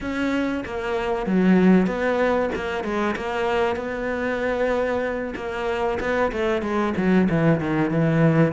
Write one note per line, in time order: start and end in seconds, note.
0.00 0.63 C#4
0.65 1.26 A#3
1.26 1.87 F#3
1.87 2.50 B3
2.55 2.83 A#3
2.83 3.15 G#3
3.16 3.76 A#3
3.76 5.33 B3
5.35 5.98 A#3
6.00 6.31 B3
6.32 6.62 A3
6.62 6.93 G#3
6.96 7.28 F#3
7.29 7.60 E3
7.60 7.90 D#3
7.90 8.52 E3